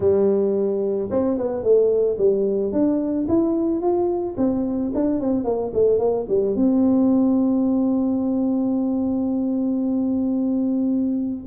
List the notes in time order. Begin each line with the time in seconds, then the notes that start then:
0.00 G3
1.10 C4
1.37 B3
1.63 A3
2.17 G3
2.72 D4
3.28 E4
3.81 F4
4.37 C4
4.94 D4
5.20 C4
5.44 A#3
5.73 A3
5.99 A#3
6.28 G3
6.55 C4